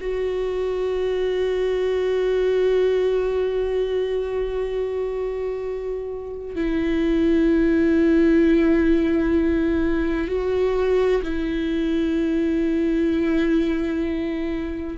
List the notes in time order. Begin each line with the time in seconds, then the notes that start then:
0.00 F#4
6.55 E4
10.28 F#4
11.22 E4